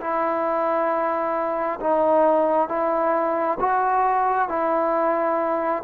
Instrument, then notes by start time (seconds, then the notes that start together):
trombone
0.00 E4
1.80 D#4
2.68 E4
3.59 F#4
4.48 E4